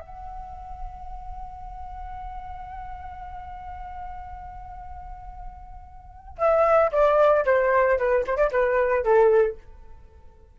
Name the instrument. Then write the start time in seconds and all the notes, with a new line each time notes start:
flute
0.00 F#5
6.38 E5
6.92 D5
7.45 C5
7.98 B4
8.27 C5
8.37 D5
8.51 B4
9.04 A4